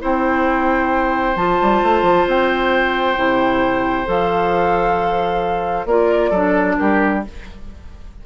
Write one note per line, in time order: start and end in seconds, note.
0.00 1.36 C4
0.00 1.35 E4
0.00 5.87 C5
0.00 1.36 G5
1.36 1.58 F3
1.36 3.16 F4
1.36 2.27 A5
1.61 1.82 G3
1.82 2.02 A3
2.02 2.25 F3
2.27 3.17 C4
2.27 4.09 G5
3.16 4.07 C3
3.16 4.05 E4
4.05 5.85 F3
4.05 5.86 A4
4.05 5.86 F5
5.85 6.30 A#3
5.85 6.34 F4
5.85 6.29 A#4
5.85 6.76 D5
6.29 6.75 F#3
6.29 7.25 D4
6.29 6.75 A4
6.76 7.26 G3
6.76 7.24 G4
6.76 7.21 A#4